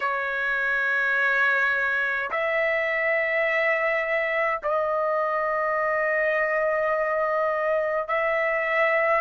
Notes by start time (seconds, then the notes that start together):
0.00 C#5
2.31 E5
4.63 D#5
8.08 E5